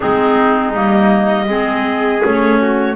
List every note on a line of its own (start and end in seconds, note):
0.00 0.74 G#3
0.00 0.74 C4
0.00 1.47 D#4
0.00 0.73 G#4
0.74 1.48 G3
0.74 1.48 A#3
0.74 2.24 D#5
1.48 2.22 G#3
1.48 2.22 C4
1.48 2.60 G#4
2.22 2.95 A3
2.22 2.95 C#4
2.22 2.95 C#5
2.60 2.95 F#4